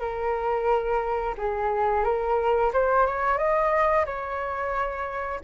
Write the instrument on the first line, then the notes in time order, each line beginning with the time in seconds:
flute
0.00 A#4
1.37 G#4
2.04 A#4
2.73 C5
3.06 C#5
3.38 D#5
4.05 C#5